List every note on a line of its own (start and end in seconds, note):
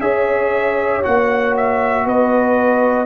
0.00 1.02 C#4
0.00 1.02 G#4
0.00 2.05 C#5
0.00 1.02 E5
1.02 2.05 A#3
1.02 3.06 F#4
1.02 1.55 F#5
1.56 2.07 E5
2.05 3.06 B3
2.05 3.06 B4
2.05 3.06 D#5